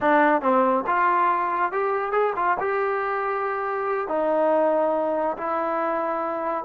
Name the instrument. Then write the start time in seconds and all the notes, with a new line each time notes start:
trombone
0.00 D4
0.41 C4
0.86 F4
1.71 G4
2.11 G#4
2.36 F4
2.59 G4
4.08 D#4
5.37 E4